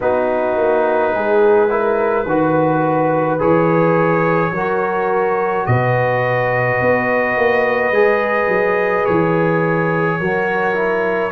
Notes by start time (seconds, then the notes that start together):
0.00 B3 D#4 F#4 B4
0.57 A#3
1.12 G#3 G#4
1.69 E4 A#4
2.25 D#3 F#4 B4
3.39 E3 G#4 C#5
4.50 F#3 F#4 A#4
5.66 B2 B4 D#5
6.81 B3
7.37 A#3
7.90 G#3 G#4
8.48 F#3
9.05 E3 C#5
10.19 F#3 F#4 A#4
10.74 E4